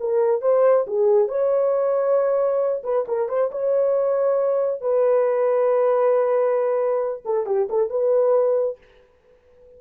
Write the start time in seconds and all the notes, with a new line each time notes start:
0.00 A#4
0.42 C5
0.87 G#4
1.28 C#5
2.84 B4
3.08 A#4
3.29 C5
3.52 C#5
4.81 B4
7.25 A4
7.46 G4
7.69 A4
7.90 B4